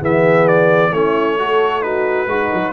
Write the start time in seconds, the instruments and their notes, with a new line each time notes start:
0.00 tuba E3, trombone B3, horn G#4, trumpet E5
0.48 trumpet D5
0.92 tuba A3, trombone C#4, horn E4, trumpet C#5
1.39 trombone F#4, horn A4
1.82 trombone D#4, horn F#4, trumpet B4
2.27 tuba G#3, horn D#4, trombone F#4
2.53 tuba F#3